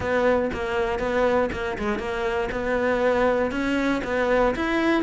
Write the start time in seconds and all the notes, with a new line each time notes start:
0.00 B3
0.53 A#3
0.99 B3
1.52 A#3
1.78 G#3
1.98 A#3
2.51 B3
3.51 C#4
4.04 B3
4.55 E4